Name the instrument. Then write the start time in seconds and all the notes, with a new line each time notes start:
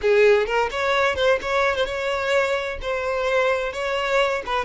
violin
0.01 G#4
0.46 A#4
0.70 C#5
1.15 C5
1.41 C#5
1.75 C5
1.85 C#5
2.81 C5
3.72 C#5
4.46 B4